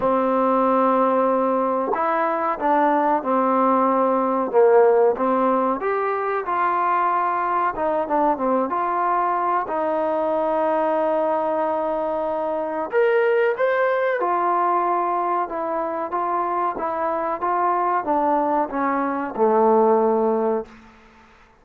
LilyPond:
\new Staff \with { instrumentName = "trombone" } { \time 4/4 \tempo 4 = 93 c'2. e'4 | d'4 c'2 ais4 | c'4 g'4 f'2 | dis'8 d'8 c'8 f'4. dis'4~ |
dis'1 | ais'4 c''4 f'2 | e'4 f'4 e'4 f'4 | d'4 cis'4 a2 | }